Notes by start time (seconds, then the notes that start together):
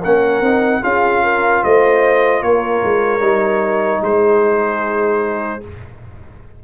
0.00 A#3 C#4 A#4 F#5
0.41 C4 D#4
0.82 C#4 F4 G#4 F5
1.23 A#4
1.63 A3 C5 D#5
2.41 A#3 A#4 C#5
2.84 G#3
3.20 G3 D#4
4.01 G#3 G#4 C5